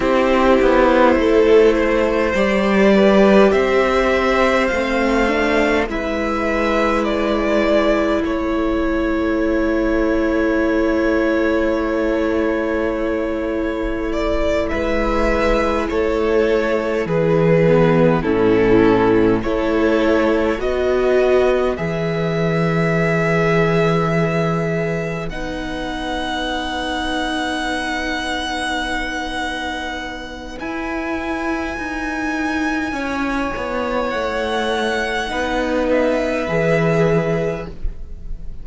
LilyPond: <<
  \new Staff \with { instrumentName = "violin" } { \time 4/4 \tempo 4 = 51 c''2 d''4 e''4 | f''4 e''4 d''4 cis''4~ | cis''1 | d''8 e''4 cis''4 b'4 a'8~ |
a'8 cis''4 dis''4 e''4.~ | e''4. fis''2~ fis''8~ | fis''2 gis''2~ | gis''4 fis''4. e''4. | }
  \new Staff \with { instrumentName = "violin" } { \time 4/4 g'4 a'8 c''4 b'8 c''4~ | c''4 b'2 a'4~ | a'1~ | a'8 b'4 a'4 gis'4 e'8~ |
e'8 a'4 b'2~ b'8~ | b'1~ | b'1 | cis''2 b'2 | }
  \new Staff \with { instrumentName = "viola" } { \time 4/4 e'2 g'2 | c'8 d'8 e'2.~ | e'1~ | e'2. b8 cis'8~ |
cis'8 e'4 fis'4 gis'4.~ | gis'4. dis'2~ dis'8~ | dis'2 e'2~ | e'2 dis'4 gis'4 | }
  \new Staff \with { instrumentName = "cello" } { \time 4/4 c'8 b8 a4 g4 c'4 | a4 gis2 a4~ | a1~ | a8 gis4 a4 e4 a,8~ |
a,8 a4 b4 e4.~ | e4. b2~ b8~ | b2 e'4 dis'4 | cis'8 b8 a4 b4 e4 | }
>>